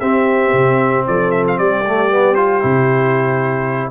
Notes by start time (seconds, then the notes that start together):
0.00 C4 G4 E5
0.53 C3
1.07 F3 A4 D5
1.31 E5
1.47 F5
1.58 G3 G4 D5
1.87 A3
2.10 B3
2.34 F4 C5
2.61 C3 E4